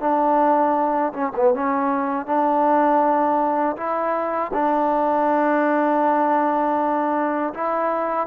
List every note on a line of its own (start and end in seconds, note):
0.00 1.12 D4
1.13 1.32 C#4
1.36 1.54 B3
1.54 2.26 C#4
2.26 3.76 D4
3.76 4.51 E4
4.53 7.53 D4
7.54 8.27 E4